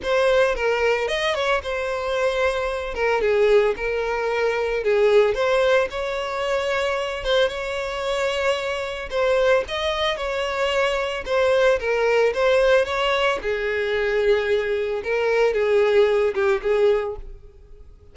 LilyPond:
\new Staff \with { instrumentName = "violin" } { \time 4/4 \tempo 4 = 112 c''4 ais'4 dis''8 cis''8 c''4~ | c''4. ais'8 gis'4 ais'4~ | ais'4 gis'4 c''4 cis''4~ | cis''4. c''8 cis''2~ |
cis''4 c''4 dis''4 cis''4~ | cis''4 c''4 ais'4 c''4 | cis''4 gis'2. | ais'4 gis'4. g'8 gis'4 | }